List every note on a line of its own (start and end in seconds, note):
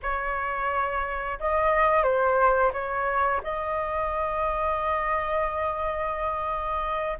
0.02 1.38 C#5
1.39 2.03 D#5
2.03 2.71 C5
2.72 3.41 C#5
3.43 7.18 D#5